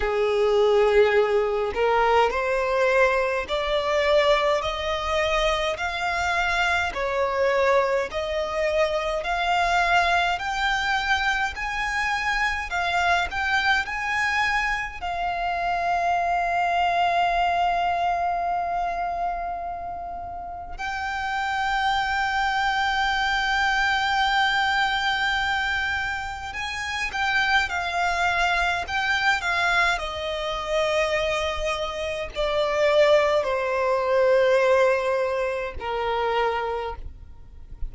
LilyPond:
\new Staff \with { instrumentName = "violin" } { \time 4/4 \tempo 4 = 52 gis'4. ais'8 c''4 d''4 | dis''4 f''4 cis''4 dis''4 | f''4 g''4 gis''4 f''8 g''8 | gis''4 f''2.~ |
f''2 g''2~ | g''2. gis''8 g''8 | f''4 g''8 f''8 dis''2 | d''4 c''2 ais'4 | }